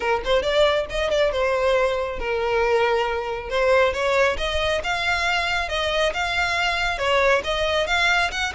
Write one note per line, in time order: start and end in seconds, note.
0.00 0.21 A#4
0.24 0.42 C5
0.42 0.86 D5
0.89 1.10 D#5
1.10 1.32 D5
1.32 2.19 C5
2.19 3.49 A#4
3.49 3.93 C5
3.93 4.37 C#5
4.37 4.81 D#5
4.83 5.68 F5
5.68 6.12 D#5
6.13 6.98 F5
6.98 7.42 C#5
7.44 7.87 D#5
7.87 8.30 F5
8.31 8.53 F#5